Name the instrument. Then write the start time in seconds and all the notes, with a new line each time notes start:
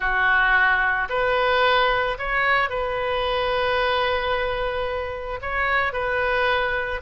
oboe
0.00 F#4
1.09 B4
2.18 C#5
2.69 B4
5.41 C#5
5.93 B4